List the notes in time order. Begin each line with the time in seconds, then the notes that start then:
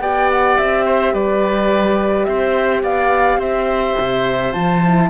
0.00 B3 G4 D5 G5
0.31 F#5
0.57 C4 E5
0.85 C5
1.13 G3 B4 D5
2.24 C4 C5 E5
2.83 B3 D5 F5
3.37 C4 C5 E5
3.99 C3
4.52 F3 F4 A5
4.85 E4